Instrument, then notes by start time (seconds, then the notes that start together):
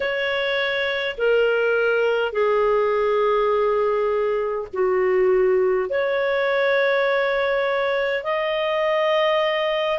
clarinet
0.00 C#5
1.17 A#4
2.32 G#4
4.73 F#4
5.89 C#5
8.24 D#5